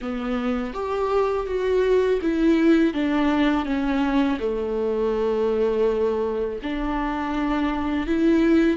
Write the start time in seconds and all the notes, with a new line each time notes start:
0.01 B3
0.73 G4
1.46 F#4
2.21 E4
2.93 D4
3.65 C#4
4.39 A3
6.63 D4
8.06 E4